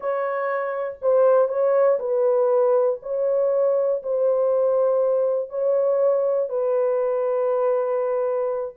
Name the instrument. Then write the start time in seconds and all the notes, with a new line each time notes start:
horn
0.00 C#5
1.01 C5
1.48 C#5
1.99 B4
3.02 C#5
4.02 C5
5.49 C#5
6.49 B4